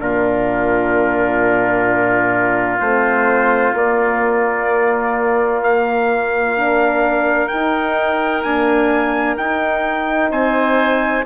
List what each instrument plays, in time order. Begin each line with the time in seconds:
0.00 bassoon A#2, horn D4, oboe F4, trumpet A#4
2.80 bassoon A3, horn C4, trumpet C5
3.74 bassoon A#3, horn A#3, trumpet D5
5.63 trumpet F5
6.57 horn D4, oboe A#4
7.48 horn D#4, bassoon D#4, trumpet G5
8.43 horn A#3, bassoon D4, trumpet G#5
9.37 bassoon D#4, horn D#4, trumpet G5
10.31 bassoon C4, oboe C5, trumpet G#5